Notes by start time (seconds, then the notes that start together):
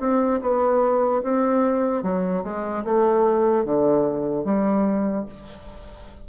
0.00 C4
0.41 B3
1.23 C4
2.03 F#3
2.44 G#3
2.85 A3
3.65 D3
4.44 G3